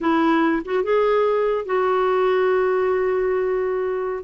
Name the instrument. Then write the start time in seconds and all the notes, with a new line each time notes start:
clarinet
0.00 E4
0.65 F#4
0.83 G#4
1.65 F#4